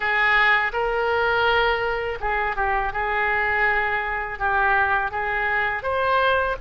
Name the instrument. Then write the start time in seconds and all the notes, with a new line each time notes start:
oboe
0.00 G#4
0.72 A#4
2.20 G#4
2.56 G4
2.92 G#4
4.39 G4
5.11 G#4
5.82 C5